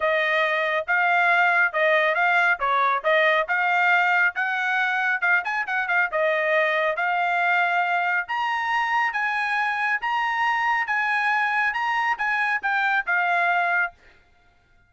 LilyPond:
\new Staff \with { instrumentName = "trumpet" } { \time 4/4 \tempo 4 = 138 dis''2 f''2 | dis''4 f''4 cis''4 dis''4 | f''2 fis''2 | f''8 gis''8 fis''8 f''8 dis''2 |
f''2. ais''4~ | ais''4 gis''2 ais''4~ | ais''4 gis''2 ais''4 | gis''4 g''4 f''2 | }